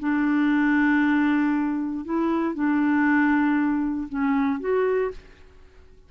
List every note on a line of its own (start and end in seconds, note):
0.00 2.05 D4
2.05 2.55 E4
2.55 4.09 D4
4.09 4.61 C#4
4.61 5.12 F#4